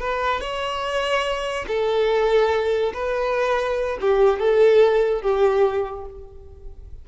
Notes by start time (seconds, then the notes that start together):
0.00 B4
0.40 C#5
1.67 A4
2.93 B4
4.00 G4
4.39 A4
5.21 G4